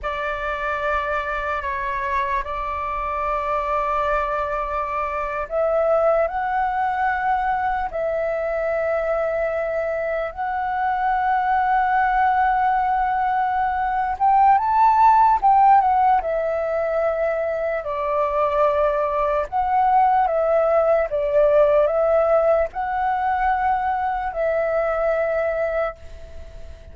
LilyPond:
\new Staff \with { instrumentName = "flute" } { \time 4/4 \tempo 4 = 74 d''2 cis''4 d''4~ | d''2~ d''8. e''4 fis''16~ | fis''4.~ fis''16 e''2~ e''16~ | e''8. fis''2.~ fis''16~ |
fis''4. g''8 a''4 g''8 fis''8 | e''2 d''2 | fis''4 e''4 d''4 e''4 | fis''2 e''2 | }